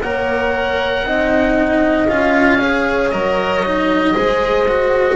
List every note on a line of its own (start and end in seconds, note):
0.00 1.03 A#3
0.00 1.06 A#4
0.00 1.06 C#5
0.00 2.08 F#5
1.03 2.06 C4
1.03 2.08 D#4
1.03 2.57 D#5
2.08 3.11 C#4
2.08 2.59 F4
2.08 3.09 F5
2.57 3.12 G#4
2.57 4.12 C#5
3.09 4.14 F#3
3.09 3.63 A#4
3.09 5.16 D#5
3.65 4.14 D#4
4.13 5.16 G#3
4.13 4.66 G#4
4.13 5.16 C5
4.68 5.16 F#4